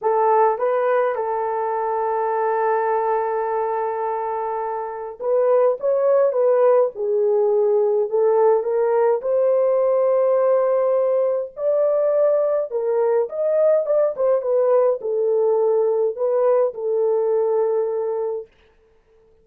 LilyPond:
\new Staff \with { instrumentName = "horn" } { \time 4/4 \tempo 4 = 104 a'4 b'4 a'2~ | a'1~ | a'4 b'4 cis''4 b'4 | gis'2 a'4 ais'4 |
c''1 | d''2 ais'4 dis''4 | d''8 c''8 b'4 a'2 | b'4 a'2. | }